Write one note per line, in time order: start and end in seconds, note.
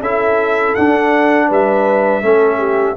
0.00 0.74 C#4
0.00 0.77 E4
0.00 1.48 A4
0.00 0.75 E5
0.75 2.21 D4
0.75 1.50 D4
0.75 1.49 F#5
1.48 2.22 G3
1.48 2.22 B4
1.48 2.96 E5
2.21 2.96 A3
2.21 2.96 C#4
2.21 2.58 A4
2.58 2.95 G4